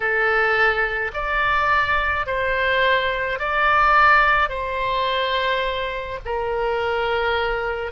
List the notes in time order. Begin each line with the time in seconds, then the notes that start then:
0.00 A4
1.13 D5
2.26 C5
3.39 D5
4.49 C5
6.25 A#4